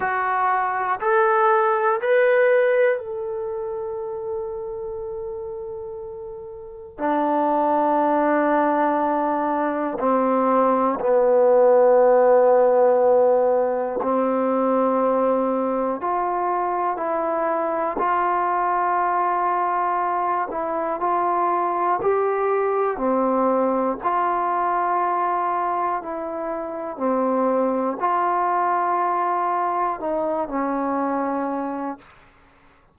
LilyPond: \new Staff \with { instrumentName = "trombone" } { \time 4/4 \tempo 4 = 60 fis'4 a'4 b'4 a'4~ | a'2. d'4~ | d'2 c'4 b4~ | b2 c'2 |
f'4 e'4 f'2~ | f'8 e'8 f'4 g'4 c'4 | f'2 e'4 c'4 | f'2 dis'8 cis'4. | }